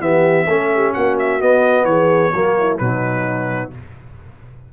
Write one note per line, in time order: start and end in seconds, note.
0.00 0.46 E3
0.00 0.47 B3
0.00 0.48 G4
0.00 0.94 E5
0.47 0.93 A3
0.47 1.41 C#4
0.47 0.71 A4
0.75 0.93 G4
0.93 1.42 A#3
0.93 1.86 F#4
0.93 1.17 F#5
1.19 1.42 E5
1.41 2.33 B3
1.41 1.85 B3
1.41 1.85 D#5
1.85 2.31 E3
1.85 2.34 G#4
1.85 2.77 C#5
2.34 2.80 F#3
2.34 2.79 A#3
2.34 2.57 F#4
2.59 2.81 E4
2.78 3.72 B2
2.78 3.72 F#3
2.78 3.73 D#4
2.78 3.70 B4